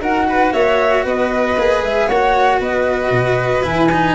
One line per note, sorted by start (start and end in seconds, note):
0.00 0.52 D#4
0.00 1.56 F#4
0.00 0.27 A#4
0.00 0.53 F#5
0.28 0.52 B4
0.52 1.05 A#3
0.52 1.04 C#5
0.52 1.04 E5
1.04 1.56 B3
1.04 2.07 B4
1.04 1.83 D#5
1.57 1.81 A#3
1.57 2.10 G#4
1.81 2.07 G#3
1.81 2.08 E5
2.07 2.60 A#3
2.07 3.62 F#4
2.07 2.59 C#5
2.07 2.59 F#5
2.60 3.10 B3
2.60 4.15 B4
2.60 3.64 D#5
3.10 3.62 B2
3.62 4.14 E3
3.62 3.88 E4
3.62 4.15 G#5
3.91 4.15 D#4